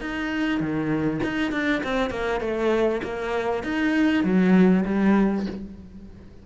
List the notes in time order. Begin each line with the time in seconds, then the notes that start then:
0.00 D#4
0.60 D#3
1.23 D#4
1.52 D4
1.83 C4
2.10 A#3
2.40 A3
3.03 A#3
3.63 D#4
4.23 F#3
4.85 G3